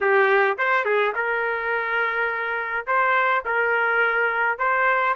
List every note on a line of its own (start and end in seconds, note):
0.00 0.57 G4
0.57 0.84 C5
0.84 1.13 G#4
1.15 2.86 A#4
2.86 3.44 C5
3.45 4.58 A#4
4.58 5.15 C5